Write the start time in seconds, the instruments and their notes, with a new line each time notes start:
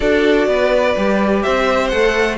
0.00 cello D4, viola F#4, violin A4 D5
0.47 cello B3, violin B4
0.96 cello G3, viola G4
1.43 cello C4, violin C5 E5
1.88 cello A3, viola A4, violin F#5